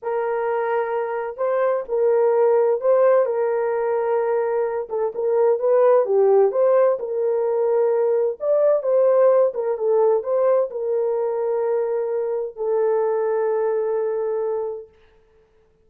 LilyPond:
\new Staff \with { instrumentName = "horn" } { \time 4/4 \tempo 4 = 129 ais'2. c''4 | ais'2 c''4 ais'4~ | ais'2~ ais'8 a'8 ais'4 | b'4 g'4 c''4 ais'4~ |
ais'2 d''4 c''4~ | c''8 ais'8 a'4 c''4 ais'4~ | ais'2. a'4~ | a'1 | }